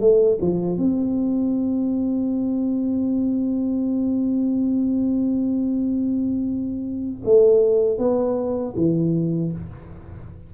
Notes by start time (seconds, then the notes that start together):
0.00 A3
0.41 F3
0.77 C4
7.24 A3
7.98 B3
8.76 E3